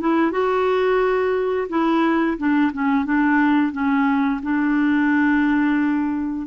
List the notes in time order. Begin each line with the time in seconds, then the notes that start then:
0.00 E4
0.31 F#4
1.69 E4
2.38 D4
2.73 C#4
3.05 D4
3.72 C#4
4.43 D4